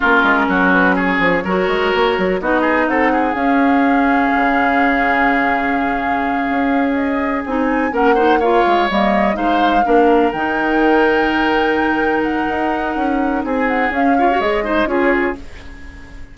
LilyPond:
<<
  \new Staff \with { instrumentName = "flute" } { \time 4/4 \tempo 4 = 125 ais'4. b'8 cis''2~ | cis''4 dis''4 fis''4 f''4~ | f''1~ | f''2~ f''8 dis''4 gis''8~ |
gis''8 fis''4 f''4 dis''4 f''8~ | f''4. g''2~ g''8~ | g''4. fis''2~ fis''8 | gis''8 fis''8 f''4 dis''4 cis''4 | }
  \new Staff \with { instrumentName = "oboe" } { \time 4/4 f'4 fis'4 gis'4 ais'4~ | ais'4 fis'8 gis'8 a'8 gis'4.~ | gis'1~ | gis'1~ |
gis'8 ais'8 c''8 cis''2 c''8~ | c''8 ais'2.~ ais'8~ | ais'1 | gis'4. cis''4 c''8 gis'4 | }
  \new Staff \with { instrumentName = "clarinet" } { \time 4/4 cis'2. fis'4~ | fis'4 dis'2 cis'4~ | cis'1~ | cis'2.~ cis'8 dis'8~ |
dis'8 cis'8 dis'8 f'4 ais4 dis'8~ | dis'8 d'4 dis'2~ dis'8~ | dis'1~ | dis'4 cis'8 f'16 fis'16 gis'8 dis'8 f'4 | }
  \new Staff \with { instrumentName = "bassoon" } { \time 4/4 ais8 gis8 fis4. f8 fis8 gis8 | ais8 fis8 b4 c'4 cis'4~ | cis'4 cis2.~ | cis4. cis'2 c'8~ |
c'8 ais4. gis8 g4 gis8~ | gis8 ais4 dis2~ dis8~ | dis2 dis'4 cis'4 | c'4 cis'4 gis4 cis'4 | }
>>